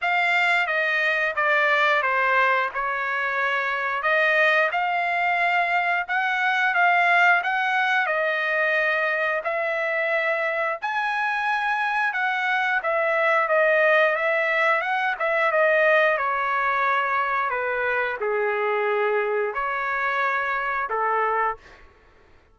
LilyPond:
\new Staff \with { instrumentName = "trumpet" } { \time 4/4 \tempo 4 = 89 f''4 dis''4 d''4 c''4 | cis''2 dis''4 f''4~ | f''4 fis''4 f''4 fis''4 | dis''2 e''2 |
gis''2 fis''4 e''4 | dis''4 e''4 fis''8 e''8 dis''4 | cis''2 b'4 gis'4~ | gis'4 cis''2 a'4 | }